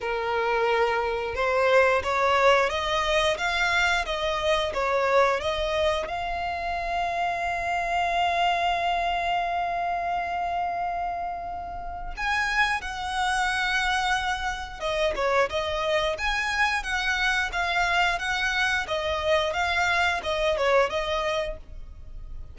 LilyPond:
\new Staff \with { instrumentName = "violin" } { \time 4/4 \tempo 4 = 89 ais'2 c''4 cis''4 | dis''4 f''4 dis''4 cis''4 | dis''4 f''2.~ | f''1~ |
f''2 gis''4 fis''4~ | fis''2 dis''8 cis''8 dis''4 | gis''4 fis''4 f''4 fis''4 | dis''4 f''4 dis''8 cis''8 dis''4 | }